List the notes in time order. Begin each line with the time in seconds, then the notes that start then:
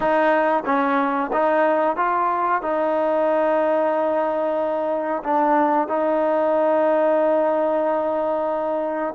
0.00 D#4
0.65 C#4
1.32 D#4
1.96 F4
2.61 D#4
5.23 D4
5.88 D#4